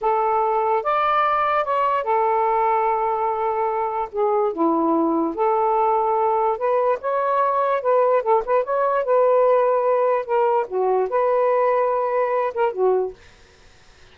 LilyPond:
\new Staff \with { instrumentName = "saxophone" } { \time 4/4 \tempo 4 = 146 a'2 d''2 | cis''4 a'2.~ | a'2 gis'4 e'4~ | e'4 a'2. |
b'4 cis''2 b'4 | a'8 b'8 cis''4 b'2~ | b'4 ais'4 fis'4 b'4~ | b'2~ b'8 ais'8 fis'4 | }